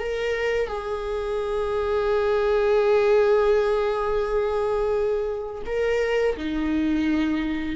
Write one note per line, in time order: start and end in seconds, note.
0.00 0.68 A#4
0.68 5.62 G#4
5.66 6.37 A#4
6.37 7.76 D#4